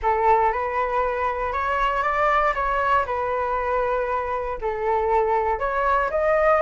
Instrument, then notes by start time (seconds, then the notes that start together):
flute
0.02 A4
0.52 B4
1.52 C#5
2.02 D5
2.54 C#5
3.06 B4
4.61 A4
5.59 C#5
6.10 D#5